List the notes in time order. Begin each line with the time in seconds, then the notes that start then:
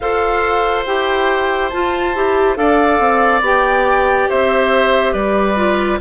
0.00 F4 A4 C5 F5
0.85 E4 G4 G5
1.69 F4 A5
2.15 E4 G4
2.55 D4 A4 D5 F5
2.99 C4
3.41 B3 G4 G5
4.29 C4 C5 E5
5.12 G3 B4 D5
5.56 F4